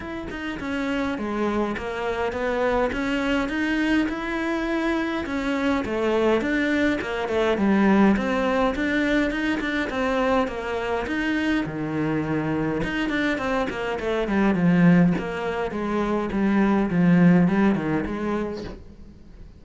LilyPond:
\new Staff \with { instrumentName = "cello" } { \time 4/4 \tempo 4 = 103 e'8 dis'8 cis'4 gis4 ais4 | b4 cis'4 dis'4 e'4~ | e'4 cis'4 a4 d'4 | ais8 a8 g4 c'4 d'4 |
dis'8 d'8 c'4 ais4 dis'4 | dis2 dis'8 d'8 c'8 ais8 | a8 g8 f4 ais4 gis4 | g4 f4 g8 dis8 gis4 | }